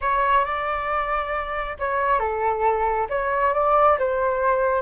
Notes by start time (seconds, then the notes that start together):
0.01 C#5
0.44 D5
1.79 C#5
2.19 A4
3.09 C#5
3.53 D5
3.98 C5